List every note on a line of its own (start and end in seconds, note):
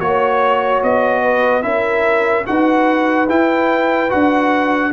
0.00 0.82 A#3
0.00 1.62 F#4
0.00 0.82 C#5
0.00 1.22 C#5
0.83 1.64 B3
0.83 1.63 D#5
1.22 1.63 B4
1.62 2.46 C#4
1.62 2.45 E4
1.62 2.46 A#4
1.62 2.45 E5
2.46 3.29 D#4
2.46 3.28 F#4
2.46 4.93 B4
2.46 3.29 F#5
3.29 4.11 E4
3.29 4.09 E4
3.29 4.11 G5
4.09 4.93 D4
4.09 4.91 F#4
4.09 4.93 F#5